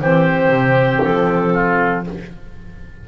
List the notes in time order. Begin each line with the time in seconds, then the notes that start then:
0.00 E3 C4 G4 C5
0.49 C3
1.02 F3 A4
1.53 F4